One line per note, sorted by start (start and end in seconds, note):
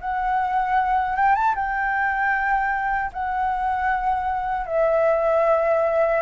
0.00 1.15 F#5
1.15 1.35 G5
1.35 1.54 A5
1.55 3.11 G5
3.12 4.66 F#5
4.66 6.22 E5